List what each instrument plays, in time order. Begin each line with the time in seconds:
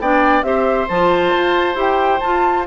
0.00 bassoon B3, clarinet D4, oboe D5, flute G5
0.43 bassoon C4, clarinet G4, oboe C5, flute E5
0.89 bassoon F3, clarinet F4, flute A5
1.35 bassoon F4
1.75 bassoon E4, clarinet G4, flute G5
2.21 bassoon F4, clarinet F4, flute A5